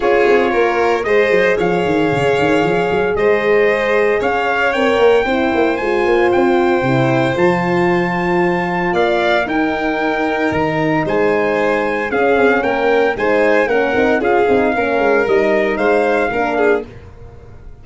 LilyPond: <<
  \new Staff \with { instrumentName = "trumpet" } { \time 4/4 \tempo 4 = 114 cis''2 dis''4 f''4~ | f''2 dis''2 | f''4 g''2 gis''4 | g''2 a''2~ |
a''4 f''4 g''2 | ais''4 gis''2 f''4 | g''4 gis''4 fis''4 f''4~ | f''4 dis''4 f''2 | }
  \new Staff \with { instrumentName = "violin" } { \time 4/4 gis'4 ais'4 c''4 cis''4~ | cis''2 c''2 | cis''2 c''2~ | c''1~ |
c''4 d''4 ais'2~ | ais'4 c''2 gis'4 | ais'4 c''4 ais'4 gis'4 | ais'2 c''4 ais'8 gis'8 | }
  \new Staff \with { instrumentName = "horn" } { \time 4/4 f'2 gis'2~ | gis'1~ | gis'4 ais'4 e'4 f'4~ | f'4 e'4 f'2~ |
f'2 dis'2~ | dis'2. cis'4~ | cis'4 dis'4 cis'8 dis'8 f'8 dis'8 | cis'4 dis'2 d'4 | }
  \new Staff \with { instrumentName = "tuba" } { \time 4/4 cis'8 c'8 ais4 gis8 fis8 f8 dis8 | cis8 dis8 f8 fis8 gis2 | cis'4 c'8 ais8 c'8 ais8 gis8 ais8 | c'4 c4 f2~ |
f4 ais4 dis'2 | dis4 gis2 cis'8 c'8 | ais4 gis4 ais8 c'8 cis'8 c'8 | ais8 gis8 g4 gis4 ais4 | }
>>